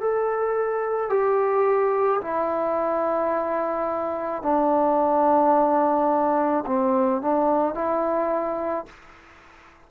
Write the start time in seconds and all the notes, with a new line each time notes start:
0.00 A4
1.10 G4
2.21 E4
4.42 D4
6.66 C4
7.22 D4
7.74 E4